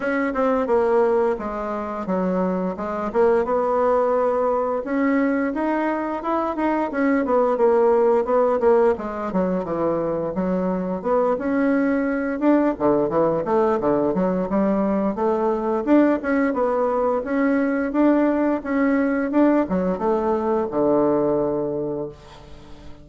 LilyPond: \new Staff \with { instrumentName = "bassoon" } { \time 4/4 \tempo 4 = 87 cis'8 c'8 ais4 gis4 fis4 | gis8 ais8 b2 cis'4 | dis'4 e'8 dis'8 cis'8 b8 ais4 | b8 ais8 gis8 fis8 e4 fis4 |
b8 cis'4. d'8 d8 e8 a8 | d8 fis8 g4 a4 d'8 cis'8 | b4 cis'4 d'4 cis'4 | d'8 fis8 a4 d2 | }